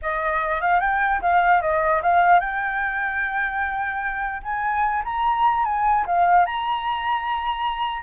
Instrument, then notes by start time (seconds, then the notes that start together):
flute
0.01 D#5
0.61 F5
0.80 G5
1.21 F5
1.61 D#5
2.02 F5
2.40 G5
4.43 G#5
5.04 A#5
5.64 G#5
6.06 F5
6.45 A#5